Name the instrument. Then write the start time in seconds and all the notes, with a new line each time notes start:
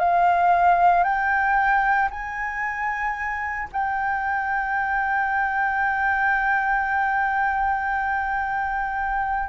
flute
0.00 F5
1.04 G5
2.11 G#5
3.73 G5